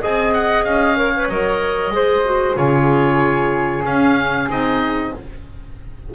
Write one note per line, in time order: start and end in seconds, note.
0.00 0.65 C4
0.00 0.96 G#4
0.00 0.97 D#5
0.00 0.34 G#5
0.34 0.64 F#5
0.64 1.29 C#4
0.64 1.28 F5
0.96 1.12 A#4
0.96 1.93 C#5
1.16 1.32 B4
1.29 1.91 F#3
1.29 1.93 A#4
1.29 2.56 D#5
1.91 2.55 G#3
1.91 2.25 G#4
1.91 2.58 C5
2.25 2.55 F#4
2.55 3.84 C#3
2.55 3.83 F4
2.55 5.14 G#4
2.55 3.84 C#5
3.84 4.48 C#4
3.84 4.49 C#4
3.84 4.49 F5
4.49 5.13 C4
4.49 5.13 D#4
4.49 5.15 D#5